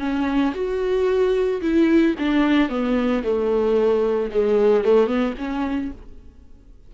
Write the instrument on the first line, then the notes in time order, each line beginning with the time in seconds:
viola
0.00 C#4
0.54 F#4
1.62 E4
2.19 D4
2.70 B3
3.24 A3
4.31 G#3
4.85 A3
5.07 B3
5.38 C#4